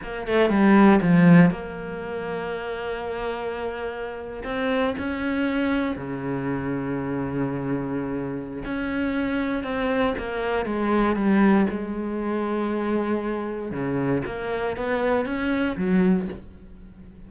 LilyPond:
\new Staff \with { instrumentName = "cello" } { \time 4/4 \tempo 4 = 118 ais8 a8 g4 f4 ais4~ | ais1~ | ais8. c'4 cis'2 cis16~ | cis1~ |
cis4 cis'2 c'4 | ais4 gis4 g4 gis4~ | gis2. cis4 | ais4 b4 cis'4 fis4 | }